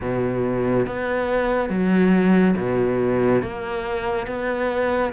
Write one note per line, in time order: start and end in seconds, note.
0.00 0.86 B2
0.86 1.69 B3
1.69 2.55 F#3
2.57 3.42 B2
3.42 4.26 A#3
4.26 5.12 B3